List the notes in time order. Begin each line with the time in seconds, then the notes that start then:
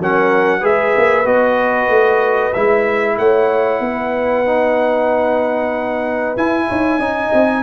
0.00 F#3 C#4 A#4 F#5
0.60 G#3 G#4 B4 E5
0.97 A#3
1.25 B3 F#4 D#5
1.89 A3
2.53 G#3 E4 E5
3.18 A3 C#5 F#5
3.80 B3 B4
4.46 D#4
6.37 E4 G#5
6.68 D#4 C#5
6.99 C#4 D#4 D#5
7.34 C4